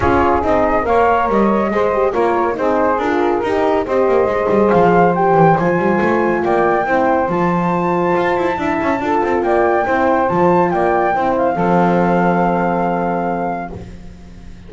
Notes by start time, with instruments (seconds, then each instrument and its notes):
0.00 double bass C#4, horn F4, saxophone G#4, flute C#5
0.41 double bass C4, horn D#4, flute D#5
0.82 double bass A#3, horn A#4, saxophone C#5, flute F5
1.28 double bass G3, flute D#5
1.70 double bass G#3, horn G#4, saxophone C5
1.93 horn G4
2.11 double bass A#3, horn F4, saxophone A#4, flute C#5
2.53 double bass C4, horn D#4, saxophone G#4, flute C5
2.98 double bass D4, horn F4, flute A#4
3.42 double bass D#4, horn D#4, saxophone G4
3.85 double bass C4, horn G4, saxophone C5, flute D#5
4.08 double bass A#3
4.25 double bass G#3
4.31 horn G#4
4.48 double bass G3
4.70 double bass F3, flute F5
5.14 horn G4, flute G5
5.34 double bass E3
5.58 double bass F3, horn F4, flute G#5
5.78 double bass G3
6.00 double bass A3
6.43 double bass A#3, saxophone D5, flute G5
6.84 double bass C4, horn E4, saxophone C5
7.28 double bass F3, horn F4, flute A5
8.16 double bass F4
8.37 double bass E4
8.55 double bass D4, horn E4, saxophone E5
8.82 double bass C#4
8.99 double bass D4, horn F4, saxophone A4
9.22 double bass C4
9.42 double bass A#3, saxophone D5, flute G5
9.84 double bass C4, horn E4, saxophone C5
10.27 double bass F3, horn F4, flute A5
10.70 double bass A#3, saxophone D5, flute G5
11.13 double bass C4, horn E4, saxophone C5
11.37 flute F5
11.54 double bass F3, horn C4, saxophone A4